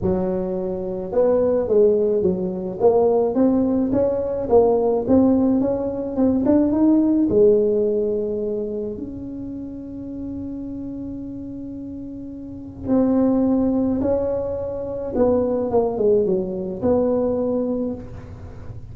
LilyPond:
\new Staff \with { instrumentName = "tuba" } { \time 4/4 \tempo 4 = 107 fis2 b4 gis4 | fis4 ais4 c'4 cis'4 | ais4 c'4 cis'4 c'8 d'8 | dis'4 gis2. |
cis'1~ | cis'2. c'4~ | c'4 cis'2 b4 | ais8 gis8 fis4 b2 | }